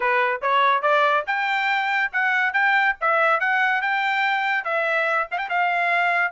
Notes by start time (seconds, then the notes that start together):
0.00 B4
0.41 C#5
0.82 D5
1.27 G5
2.12 F#5
2.53 G5
3.00 E5
3.39 F#5
3.81 G5
4.64 E5
5.31 F5
5.38 G5
5.49 F5